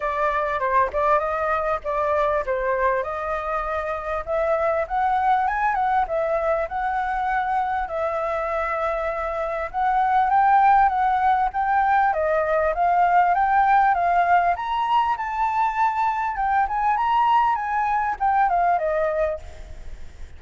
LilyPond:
\new Staff \with { instrumentName = "flute" } { \time 4/4 \tempo 4 = 99 d''4 c''8 d''8 dis''4 d''4 | c''4 dis''2 e''4 | fis''4 gis''8 fis''8 e''4 fis''4~ | fis''4 e''2. |
fis''4 g''4 fis''4 g''4 | dis''4 f''4 g''4 f''4 | ais''4 a''2 g''8 gis''8 | ais''4 gis''4 g''8 f''8 dis''4 | }